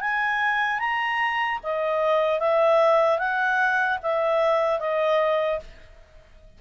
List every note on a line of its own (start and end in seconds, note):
0.00 0.79 G#5
0.79 1.59 A#5
1.63 2.39 D#5
2.39 3.18 E5
3.18 3.98 F#5
4.02 4.79 E5
4.79 5.59 D#5